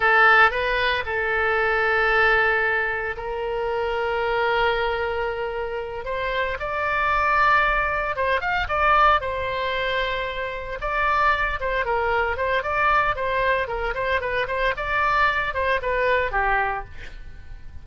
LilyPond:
\new Staff \with { instrumentName = "oboe" } { \time 4/4 \tempo 4 = 114 a'4 b'4 a'2~ | a'2 ais'2~ | ais'2.~ ais'8 c''8~ | c''8 d''2. c''8 |
f''8 d''4 c''2~ c''8~ | c''8 d''4. c''8 ais'4 c''8 | d''4 c''4 ais'8 c''8 b'8 c''8 | d''4. c''8 b'4 g'4 | }